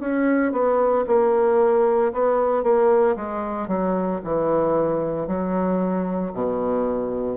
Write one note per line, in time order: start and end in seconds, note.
0.00 0.52 C#4
0.52 1.05 B3
1.07 2.12 A#3
2.13 2.63 B3
2.63 3.16 A#3
3.16 3.68 G#3
3.68 4.21 F#3
4.24 5.27 E3
5.27 6.33 F#3
6.33 7.37 B2